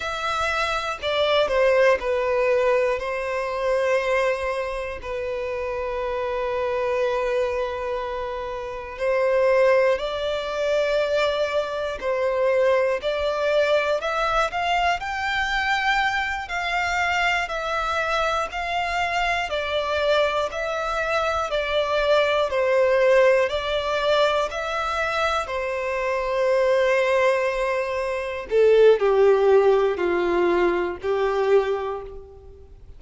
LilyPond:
\new Staff \with { instrumentName = "violin" } { \time 4/4 \tempo 4 = 60 e''4 d''8 c''8 b'4 c''4~ | c''4 b'2.~ | b'4 c''4 d''2 | c''4 d''4 e''8 f''8 g''4~ |
g''8 f''4 e''4 f''4 d''8~ | d''8 e''4 d''4 c''4 d''8~ | d''8 e''4 c''2~ c''8~ | c''8 a'8 g'4 f'4 g'4 | }